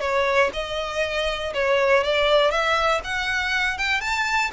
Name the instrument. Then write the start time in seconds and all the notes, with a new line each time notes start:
violin
0.00 C#5
0.53 D#5
1.53 C#5
2.03 D5
2.51 E5
3.04 F#5
3.78 G5
4.00 A5